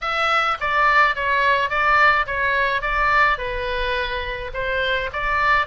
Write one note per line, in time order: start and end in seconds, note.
0.01 0.57 E5
0.60 1.15 D5
1.15 1.69 C#5
1.69 2.26 D5
2.26 2.81 C#5
2.81 3.38 D5
3.38 4.51 B4
4.53 5.10 C5
5.12 5.66 D5